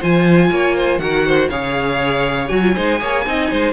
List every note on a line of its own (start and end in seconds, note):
0.00 0.51 F3
0.00 1.01 F4
0.00 0.50 C5
0.00 0.99 G#5
0.51 0.99 A#3
0.51 0.76 C#5
0.76 1.01 C5
0.99 1.49 D#3
0.99 1.51 F#4
0.99 1.28 A#4
0.99 1.49 F#5
1.28 1.50 C5
1.50 2.51 C#3
1.50 2.49 G#4
1.50 2.75 C#5
1.50 2.49 F5
2.49 2.76 F#3
2.49 2.62 F#4
2.49 3.74 G#5
2.62 2.74 F4
2.75 3.02 G#3
2.75 3.00 D#4
2.75 3.00 C5
3.00 3.26 A#3
3.00 3.25 G#4
3.00 3.26 C#5
3.26 3.51 C4
3.26 3.74 D#4
3.26 3.51 D#5
3.51 3.74 G#3
3.51 3.74 C5